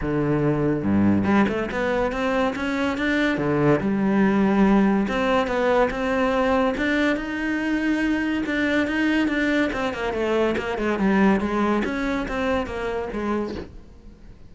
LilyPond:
\new Staff \with { instrumentName = "cello" } { \time 4/4 \tempo 4 = 142 d2 g,4 g8 a8 | b4 c'4 cis'4 d'4 | d4 g2. | c'4 b4 c'2 |
d'4 dis'2. | d'4 dis'4 d'4 c'8 ais8 | a4 ais8 gis8 g4 gis4 | cis'4 c'4 ais4 gis4 | }